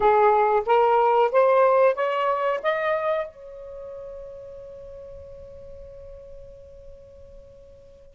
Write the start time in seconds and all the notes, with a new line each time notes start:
0.00 G#4
0.66 A#4
1.31 C5
1.94 C#5
2.62 D#5
3.27 C#5